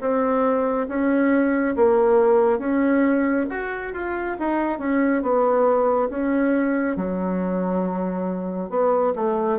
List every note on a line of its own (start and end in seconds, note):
0.00 0.87 C4
0.88 1.75 C#4
1.75 2.58 A#3
2.58 3.45 C#4
3.49 3.93 F#4
3.93 4.36 F4
4.39 4.79 D#4
4.79 5.22 C#4
5.22 6.09 B3
6.09 6.96 C#4
6.96 8.69 F#3
8.69 9.13 B3
9.15 9.58 A3